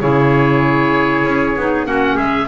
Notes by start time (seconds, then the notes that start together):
0.00 C#3 E4 G#4 C#5
1.24 C#4
1.56 B3 D#4
1.86 A#3 C#4 F#4 F#5
2.15 G#3 G#4 E5